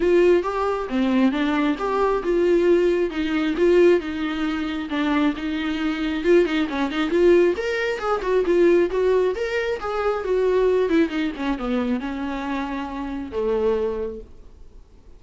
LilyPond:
\new Staff \with { instrumentName = "viola" } { \time 4/4 \tempo 4 = 135 f'4 g'4 c'4 d'4 | g'4 f'2 dis'4 | f'4 dis'2 d'4 | dis'2 f'8 dis'8 cis'8 dis'8 |
f'4 ais'4 gis'8 fis'8 f'4 | fis'4 ais'4 gis'4 fis'4~ | fis'8 e'8 dis'8 cis'8 b4 cis'4~ | cis'2 a2 | }